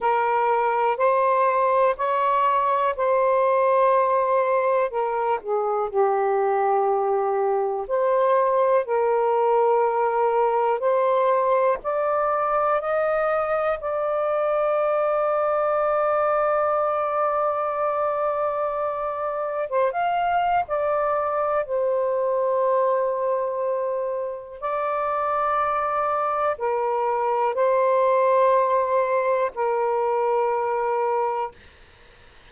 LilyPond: \new Staff \with { instrumentName = "saxophone" } { \time 4/4 \tempo 4 = 61 ais'4 c''4 cis''4 c''4~ | c''4 ais'8 gis'8 g'2 | c''4 ais'2 c''4 | d''4 dis''4 d''2~ |
d''1 | c''16 f''8. d''4 c''2~ | c''4 d''2 ais'4 | c''2 ais'2 | }